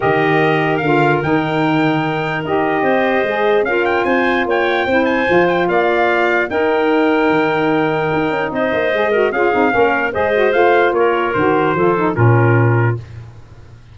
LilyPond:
<<
  \new Staff \with { instrumentName = "trumpet" } { \time 4/4 \tempo 4 = 148 dis''2 f''4 g''4~ | g''2 dis''2~ | dis''4 f''8 g''8 gis''4 g''4~ | g''8 gis''4 g''8 f''2 |
g''1~ | g''4 dis''2 f''4~ | f''4 dis''4 f''4 cis''4 | c''2 ais'2 | }
  \new Staff \with { instrumentName = "clarinet" } { \time 4/4 ais'1~ | ais'2. c''4~ | c''4 ais'4 c''4 cis''4 | c''2 d''2 |
ais'1~ | ais'4 c''4. ais'8 gis'4 | ais'4 c''2 ais'4~ | ais'4 a'4 f'2 | }
  \new Staff \with { instrumentName = "saxophone" } { \time 4/4 g'2 f'4 dis'4~ | dis'2 g'2 | gis'4 f'2. | e'4 f'2. |
dis'1~ | dis'2 gis'8 fis'8 f'8 dis'8 | cis'4 gis'8 fis'8 f'2 | fis'4 f'8 dis'8 cis'2 | }
  \new Staff \with { instrumentName = "tuba" } { \time 4/4 dis2 d4 dis4~ | dis2 dis'4 c'4 | gis4 cis'4 c'4 ais4 | c'4 f4 ais2 |
dis'2 dis2 | dis'8 cis'8 c'8 ais8 gis4 cis'8 c'8 | ais4 gis4 a4 ais4 | dis4 f4 ais,2 | }
>>